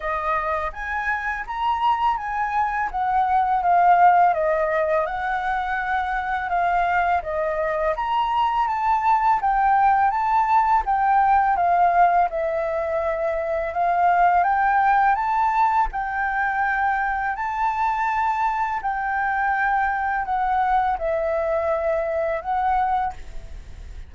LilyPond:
\new Staff \with { instrumentName = "flute" } { \time 4/4 \tempo 4 = 83 dis''4 gis''4 ais''4 gis''4 | fis''4 f''4 dis''4 fis''4~ | fis''4 f''4 dis''4 ais''4 | a''4 g''4 a''4 g''4 |
f''4 e''2 f''4 | g''4 a''4 g''2 | a''2 g''2 | fis''4 e''2 fis''4 | }